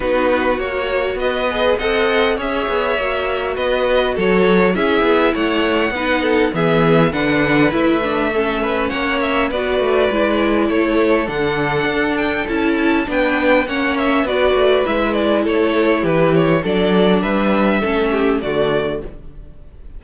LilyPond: <<
  \new Staff \with { instrumentName = "violin" } { \time 4/4 \tempo 4 = 101 b'4 cis''4 dis''4 fis''4 | e''2 dis''4 cis''4 | e''4 fis''2 e''4 | fis''4 e''2 fis''8 e''8 |
d''2 cis''4 fis''4~ | fis''8 g''8 a''4 g''4 fis''8 e''8 | d''4 e''8 d''8 cis''4 b'8 cis''8 | d''4 e''2 d''4 | }
  \new Staff \with { instrumentName = "violin" } { \time 4/4 fis'2 b'4 dis''4 | cis''2 b'4 a'4 | gis'4 cis''4 b'8 a'8 gis'4 | b'2 a'8 b'8 cis''4 |
b'2 a'2~ | a'2 b'4 cis''4 | b'2 a'4 g'4 | a'4 b'4 a'8 g'8 fis'4 | }
  \new Staff \with { instrumentName = "viola" } { \time 4/4 dis'4 fis'4. gis'8 a'4 | gis'4 fis'2. | e'2 dis'4 b4 | d'4 e'8 d'8 cis'2 |
fis'4 e'2 d'4~ | d'4 e'4 d'4 cis'4 | fis'4 e'2. | d'2 cis'4 a4 | }
  \new Staff \with { instrumentName = "cello" } { \time 4/4 b4 ais4 b4 c'4 | cis'8 b8 ais4 b4 fis4 | cis'8 b8 a4 b4 e4 | d4 a2 ais4 |
b8 a8 gis4 a4 d4 | d'4 cis'4 b4 ais4 | b8 a8 gis4 a4 e4 | fis4 g4 a4 d4 | }
>>